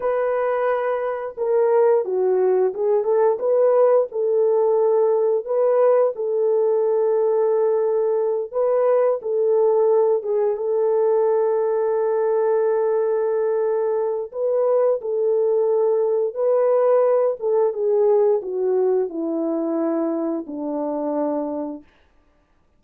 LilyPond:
\new Staff \with { instrumentName = "horn" } { \time 4/4 \tempo 4 = 88 b'2 ais'4 fis'4 | gis'8 a'8 b'4 a'2 | b'4 a'2.~ | a'8 b'4 a'4. gis'8 a'8~ |
a'1~ | a'4 b'4 a'2 | b'4. a'8 gis'4 fis'4 | e'2 d'2 | }